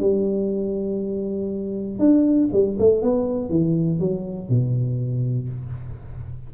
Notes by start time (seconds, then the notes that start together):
0.00 G3
1.99 D4
2.53 G3
2.79 A3
3.02 B3
3.50 E3
3.99 F#3
4.49 B2